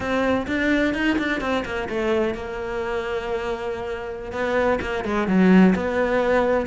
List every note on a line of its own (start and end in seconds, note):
0.00 0.46 C4
0.47 0.94 D4
0.94 1.17 D#4
1.18 1.40 D4
1.40 1.64 C4
1.65 1.88 A#3
1.89 2.34 A3
2.34 4.32 A#3
4.32 4.79 B3
4.81 5.04 A#3
5.04 5.27 G#3
5.27 5.74 F#3
5.75 6.66 B3